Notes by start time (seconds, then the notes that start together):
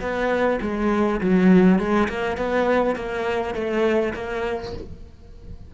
0.00 B3
0.61 G#3
1.21 F#3
1.78 G#3
2.09 A#3
2.37 B3
2.95 A#3
3.54 A3
4.14 A#3